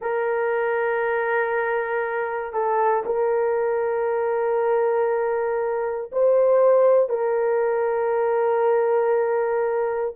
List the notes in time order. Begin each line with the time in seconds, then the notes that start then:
0.01 A#4
2.52 A4
3.05 A#4
6.12 C5
7.09 A#4